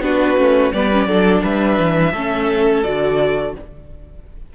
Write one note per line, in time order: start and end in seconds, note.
0.00 0.35 B3
0.00 0.37 D4
0.00 0.73 F#4
0.00 0.72 B4
0.37 0.73 A3
0.37 0.73 C#4
0.72 1.07 G3
0.72 0.92 B3
0.72 1.08 B4
0.72 1.43 D5
0.92 1.08 C#4
1.07 1.42 F#3
1.07 2.14 D4
1.07 1.43 A4
1.43 1.79 G3
1.43 2.12 B4
1.43 2.83 E5
1.79 2.13 E3
2.12 2.84 A3
2.12 2.84 C#4
2.12 3.53 A4
2.83 3.55 D3
2.83 3.55 F#4
2.83 3.54 D5